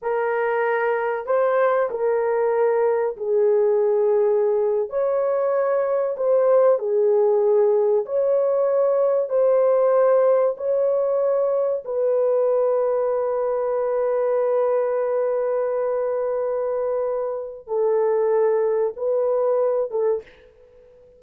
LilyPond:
\new Staff \with { instrumentName = "horn" } { \time 4/4 \tempo 4 = 95 ais'2 c''4 ais'4~ | ais'4 gis'2~ gis'8. cis''16~ | cis''4.~ cis''16 c''4 gis'4~ gis'16~ | gis'8. cis''2 c''4~ c''16~ |
c''8. cis''2 b'4~ b'16~ | b'1~ | b'1 | a'2 b'4. a'8 | }